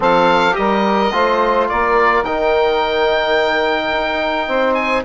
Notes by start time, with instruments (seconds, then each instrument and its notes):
0.00 bassoon F3, trombone C4, saxophone A4, oboe F5
0.51 bassoon G3, trombone G4, oboe D#5
0.57 saxophone A#4
1.12 bassoon A3, trombone F4, saxophone C5
1.68 bassoon A#3, saxophone A#4, oboe D5
2.22 bassoon D#3, trombone D#4, oboe G5
3.92 bassoon D#4
4.47 bassoon C4, saxophone C5
4.74 oboe G#5